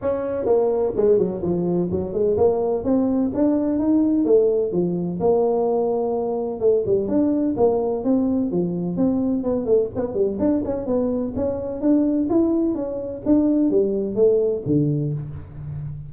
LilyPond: \new Staff \with { instrumentName = "tuba" } { \time 4/4 \tempo 4 = 127 cis'4 ais4 gis8 fis8 f4 | fis8 gis8 ais4 c'4 d'4 | dis'4 a4 f4 ais4~ | ais2 a8 g8 d'4 |
ais4 c'4 f4 c'4 | b8 a8 b8 g8 d'8 cis'8 b4 | cis'4 d'4 e'4 cis'4 | d'4 g4 a4 d4 | }